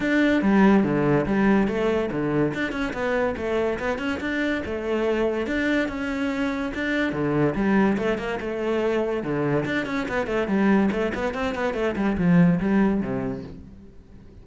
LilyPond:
\new Staff \with { instrumentName = "cello" } { \time 4/4 \tempo 4 = 143 d'4 g4 d4 g4 | a4 d4 d'8 cis'8 b4 | a4 b8 cis'8 d'4 a4~ | a4 d'4 cis'2 |
d'4 d4 g4 a8 ais8 | a2 d4 d'8 cis'8 | b8 a8 g4 a8 b8 c'8 b8 | a8 g8 f4 g4 c4 | }